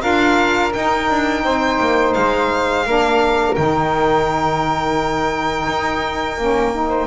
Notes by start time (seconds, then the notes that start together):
0.00 D4 F4 A#4 F5
0.72 D#4 G5
1.10 D4
1.43 C4 C5
1.79 A#3
2.13 G#3 F5
2.86 A#3 D4 A#4
3.55 D#3 D#4 G5
5.67 D#4
6.38 A#3 C#4
6.73 D#4
6.89 C5